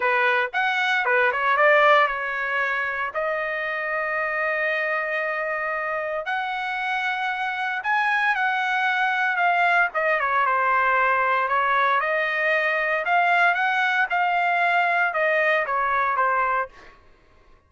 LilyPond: \new Staff \with { instrumentName = "trumpet" } { \time 4/4 \tempo 4 = 115 b'4 fis''4 b'8 cis''8 d''4 | cis''2 dis''2~ | dis''1 | fis''2. gis''4 |
fis''2 f''4 dis''8 cis''8 | c''2 cis''4 dis''4~ | dis''4 f''4 fis''4 f''4~ | f''4 dis''4 cis''4 c''4 | }